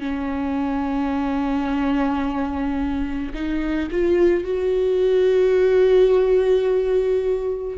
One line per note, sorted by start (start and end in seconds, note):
0.00 3.33 C#4
3.34 3.90 D#4
3.91 4.45 F4
4.45 7.78 F#4